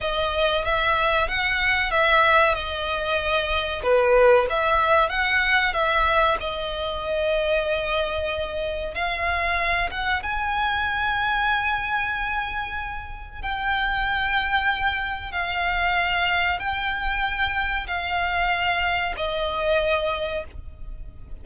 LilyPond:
\new Staff \with { instrumentName = "violin" } { \time 4/4 \tempo 4 = 94 dis''4 e''4 fis''4 e''4 | dis''2 b'4 e''4 | fis''4 e''4 dis''2~ | dis''2 f''4. fis''8 |
gis''1~ | gis''4 g''2. | f''2 g''2 | f''2 dis''2 | }